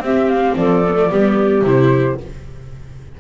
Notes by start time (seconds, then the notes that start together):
0.00 C4 G4 E5
0.29 F5
0.56 F3 A4 D5
0.88 B3
0.94 A3
1.10 G3 B3 G4
1.62 C3 E4 C5